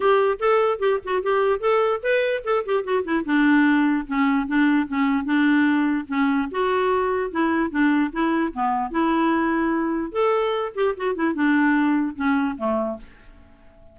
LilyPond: \new Staff \with { instrumentName = "clarinet" } { \time 4/4 \tempo 4 = 148 g'4 a'4 g'8 fis'8 g'4 | a'4 b'4 a'8 g'8 fis'8 e'8 | d'2 cis'4 d'4 | cis'4 d'2 cis'4 |
fis'2 e'4 d'4 | e'4 b4 e'2~ | e'4 a'4. g'8 fis'8 e'8 | d'2 cis'4 a4 | }